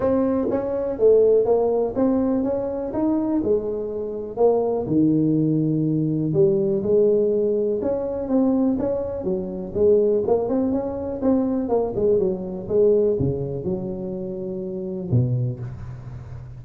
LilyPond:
\new Staff \with { instrumentName = "tuba" } { \time 4/4 \tempo 4 = 123 c'4 cis'4 a4 ais4 | c'4 cis'4 dis'4 gis4~ | gis4 ais4 dis2~ | dis4 g4 gis2 |
cis'4 c'4 cis'4 fis4 | gis4 ais8 c'8 cis'4 c'4 | ais8 gis8 fis4 gis4 cis4 | fis2. b,4 | }